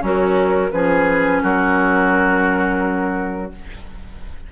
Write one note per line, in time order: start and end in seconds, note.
0.00 0.72 F#3
0.00 0.70 C#4
0.00 0.72 F#4
0.00 0.71 A#4
0.71 1.42 F3
0.71 3.51 C#4
0.71 1.43 G#4
0.71 1.41 B4
1.43 3.52 F#3
1.43 3.52 F#4
1.43 3.52 A#4